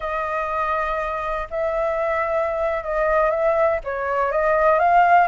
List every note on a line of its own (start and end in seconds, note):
0.00 1.48 D#5
1.50 2.83 E5
2.83 3.30 D#5
3.30 3.79 E5
3.84 4.31 C#5
4.31 4.79 D#5
4.79 5.27 F5